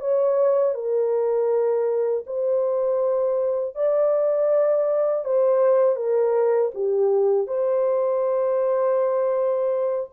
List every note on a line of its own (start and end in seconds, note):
0.00 0.74 C#5
0.74 2.24 A#4
2.26 3.75 C5
3.75 5.25 D5
5.25 5.96 C5
5.96 6.71 A#4
6.74 7.47 G4
7.47 10.10 C5